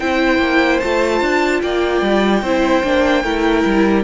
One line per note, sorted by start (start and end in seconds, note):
0.00 0.39 C4
0.00 0.82 E4
0.00 1.62 C5
0.00 0.80 G5
0.39 0.79 A#3
0.80 1.22 A3
0.80 2.45 F4
0.80 1.61 A5
1.22 1.62 D4
1.63 2.02 A#3
1.63 2.43 D5
1.63 4.04 G5
2.02 2.42 G3
2.43 2.83 C4
2.43 2.84 E4
2.43 3.23 C5
2.84 3.24 A#3
2.84 3.24 D4
3.23 3.65 A3
3.23 4.04 E4
3.23 4.04 A#4
3.66 4.04 G3